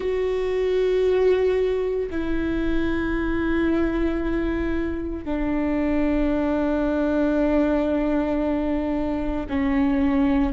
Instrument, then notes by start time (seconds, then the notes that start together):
viola
0.00 F#4
2.10 E4
5.24 D4
9.49 C#4